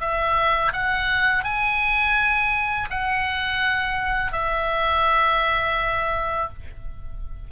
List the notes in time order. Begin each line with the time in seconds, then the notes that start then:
0.00 E5
0.73 F#5
1.44 G#5
2.90 F#5
4.32 E5